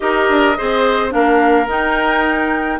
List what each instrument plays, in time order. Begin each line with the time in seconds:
0.00 bassoon D#4, clarinet G4, oboe A#4, flute D#5
0.29 bassoon D4
0.57 bassoon C4, clarinet G#4, oboe C5
1.09 bassoon A#3, clarinet D4, oboe A#4, flute F5
1.66 bassoon D#4, clarinet D#4, flute G5